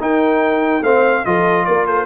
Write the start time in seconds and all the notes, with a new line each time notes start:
0.00 D#4 A#4 G5
0.82 A3 C4 C5 F5
1.26 F3 F4 A4 D#5
1.66 A#3 A#4 D5
1.87 A4 C5